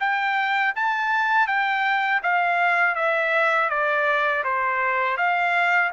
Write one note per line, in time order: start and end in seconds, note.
0.00 0.74 G5
0.75 1.47 A5
1.47 2.22 G5
2.23 2.96 F5
2.96 3.70 E5
3.70 4.44 D5
4.44 5.17 C5
5.17 5.91 F5